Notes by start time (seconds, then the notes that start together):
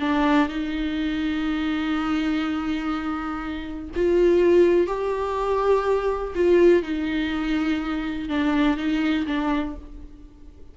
0.00 D4
0.49 D#4
3.96 F4
4.87 G4
6.35 F4
6.83 D#4
8.29 D4
8.77 D#4
9.27 D4